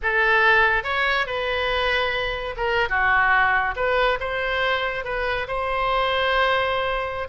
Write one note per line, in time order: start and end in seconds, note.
0.02 0.83 A4
0.83 1.26 C#5
1.26 2.55 B4
2.56 2.89 A#4
2.89 3.74 F#4
3.76 4.18 B4
4.20 5.04 C5
5.04 5.47 B4
5.47 7.28 C5